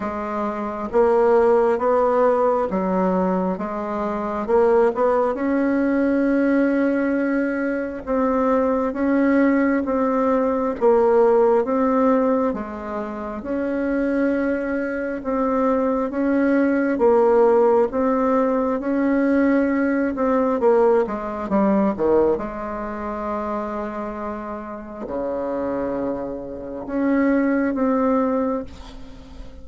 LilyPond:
\new Staff \with { instrumentName = "bassoon" } { \time 4/4 \tempo 4 = 67 gis4 ais4 b4 fis4 | gis4 ais8 b8 cis'2~ | cis'4 c'4 cis'4 c'4 | ais4 c'4 gis4 cis'4~ |
cis'4 c'4 cis'4 ais4 | c'4 cis'4. c'8 ais8 gis8 | g8 dis8 gis2. | cis2 cis'4 c'4 | }